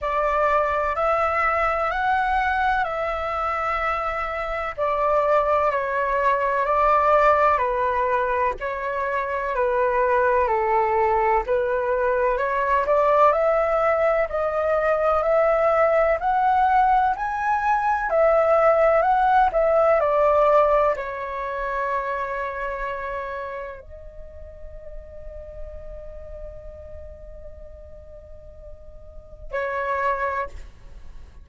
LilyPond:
\new Staff \with { instrumentName = "flute" } { \time 4/4 \tempo 4 = 63 d''4 e''4 fis''4 e''4~ | e''4 d''4 cis''4 d''4 | b'4 cis''4 b'4 a'4 | b'4 cis''8 d''8 e''4 dis''4 |
e''4 fis''4 gis''4 e''4 | fis''8 e''8 d''4 cis''2~ | cis''4 dis''2.~ | dis''2. cis''4 | }